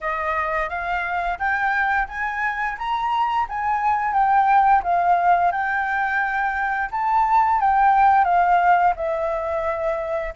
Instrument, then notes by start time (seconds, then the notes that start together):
flute
0.00 D#5
0.69 F5
1.38 G5
2.08 G#5
2.77 A#5
3.49 G#5
4.13 G5
4.83 F5
5.51 G5
6.91 A5
7.60 G5
8.24 F5
8.95 E5